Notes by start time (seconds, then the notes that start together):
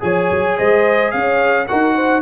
0.00 F3 G#4 C#5 G#5
0.31 F#3
0.58 G#3 C5 D#5
1.11 C#4 C#5 F5
1.67 D#4 F#4 A#4 F#5
1.94 C5